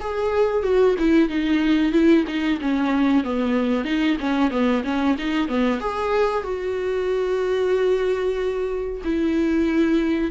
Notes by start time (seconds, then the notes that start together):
0.00 G#4
0.63 F#4
0.99 E4
1.29 D#4
1.92 E4
2.27 D#4
2.61 C#4
3.24 B3
3.85 D#4
4.20 C#4
4.51 B3
4.84 C#4
5.18 D#4
5.48 B3
5.80 G#4
6.43 F#4
9.04 E4